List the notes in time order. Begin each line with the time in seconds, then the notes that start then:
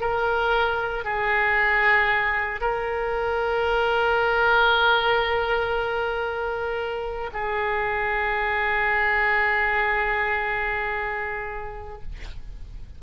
0.00 A#4
1.04 G#4
2.60 A#4
7.33 G#4